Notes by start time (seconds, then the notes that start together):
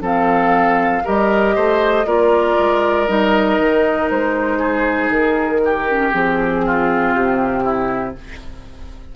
0.00 F3 C4 A4 F5
1.04 G3 G4 A#4 D#5
1.55 A3 C5
2.05 A#3 F4 A#4 D5
2.58 G#3
3.06 G3 D#4 D#5
3.59 D#3
4.10 G#3 C5
4.58 G#4
5.09 D#3 A#4
5.64 G4
5.88 C#4
6.11 F3 C4 G#4
6.65 F4
7.14 C3 G4
7.63 E4